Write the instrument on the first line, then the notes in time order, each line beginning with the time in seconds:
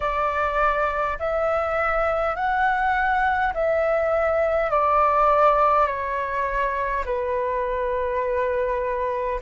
flute
0.00 D5
1.19 E5
2.35 F#5
3.53 E5
4.70 D5
5.86 C#5
7.05 B4